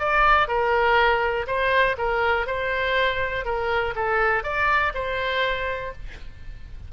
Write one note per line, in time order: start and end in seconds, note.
0.00 0.49 D5
0.49 1.47 A#4
1.47 1.96 C5
1.98 2.47 A#4
2.47 3.45 C5
3.46 3.95 A#4
3.96 4.44 A4
4.44 4.93 D5
4.95 5.93 C5